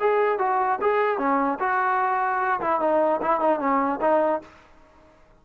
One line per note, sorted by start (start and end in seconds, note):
0.00 0.39 G#4
0.39 0.79 F#4
0.82 1.18 G#4
1.18 1.59 C#4
1.60 2.60 F#4
2.61 2.81 E4
2.81 3.21 D#4
3.22 3.41 E4
3.41 3.60 D#4
3.60 4.00 C#4
4.01 4.42 D#4